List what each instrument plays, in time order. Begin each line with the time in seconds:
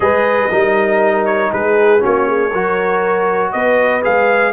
0.00 tuba G#3, trombone G#4, horn B4, trumpet D#5
0.50 tuba G3, trombone D#4, horn A#4
1.25 trumpet C#5
1.52 tuba G#3, horn G#4, trumpet B4
1.99 tuba A#3, trombone C#4, horn F#4, trumpet C#5
2.26 horn G#4
2.50 tuba F#3, trombone F#4, horn A#4
3.52 tuba B3, horn B4, trumpet D#5
4.02 tuba G#3, trombone G#4, trumpet F5